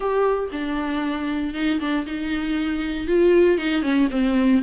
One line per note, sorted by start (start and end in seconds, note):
0.00 0.48 G4
0.52 1.54 D4
1.54 1.79 D#4
1.79 2.05 D4
2.06 3.07 D#4
3.07 3.58 F4
3.58 3.82 D#4
3.82 4.08 C#4
4.10 4.62 C4